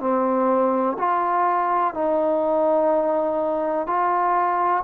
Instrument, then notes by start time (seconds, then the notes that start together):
trombone
0.00 C4
0.98 F4
1.94 D#4
3.87 F4